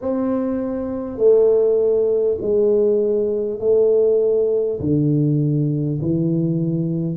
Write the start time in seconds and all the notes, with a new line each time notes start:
0.01 C4
1.17 A3
2.41 G#3
3.59 A3
4.79 D3
6.01 E3